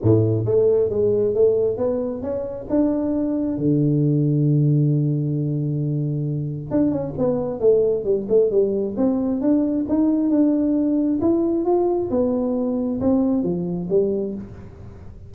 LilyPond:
\new Staff \with { instrumentName = "tuba" } { \time 4/4 \tempo 4 = 134 a,4 a4 gis4 a4 | b4 cis'4 d'2 | d1~ | d2. d'8 cis'8 |
b4 a4 g8 a8 g4 | c'4 d'4 dis'4 d'4~ | d'4 e'4 f'4 b4~ | b4 c'4 f4 g4 | }